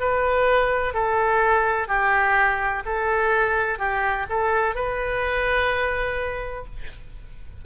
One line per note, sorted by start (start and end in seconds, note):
0.00 0.94 B4
0.94 1.88 A4
1.88 2.84 G4
2.86 3.79 A4
3.79 4.27 G4
4.30 4.75 A4
4.75 6.66 B4